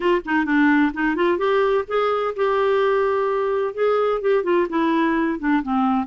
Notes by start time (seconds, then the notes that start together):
0.00 F4
0.25 D#4
0.45 D4
0.93 D#4
1.15 F4
1.38 G4
1.87 G#4
2.36 G4
3.74 G#4
4.21 G4
4.43 F4
4.69 E4
5.39 D4
5.62 C4